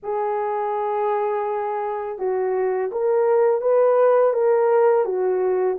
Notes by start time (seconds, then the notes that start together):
0.02 G#4
2.18 F#4
2.91 A#4
3.61 B4
4.33 A#4
5.05 F#4